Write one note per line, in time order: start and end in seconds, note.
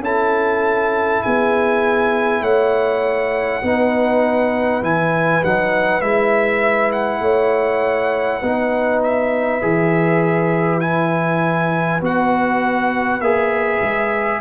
0.00 1.20 C#4
0.00 3.62 E4
0.00 1.23 A4
0.00 1.23 A5
1.23 2.42 B3
1.23 2.42 G#4
1.23 2.43 G#5
2.42 3.62 A3
2.42 3.62 C#5
2.42 4.83 F#5
3.62 4.82 B3
3.62 4.83 D#4
3.62 7.22 B4
4.82 5.42 E3
4.82 5.43 E4
4.82 5.44 G#5
5.44 6.02 F#3
5.44 6.02 D#4
5.44 6.02 F#5
6.02 7.20 G#3
6.02 8.42 E4
6.02 6.92 E5
6.92 9.02 F#5
7.20 8.40 A3
7.20 8.40 C#5
8.40 9.62 B3
8.40 9.62 D#4
8.40 14.40 B4
9.04 10.81 E5
9.62 12.02 E3
9.62 10.81 G#4
10.81 12.01 E4
10.81 12.01 G#5
12.01 13.20 B3
12.01 13.21 F#4
12.01 13.21 F#5
13.20 13.80 A#3
13.20 14.41 G#4
13.20 14.41 E5
13.83 14.41 G#3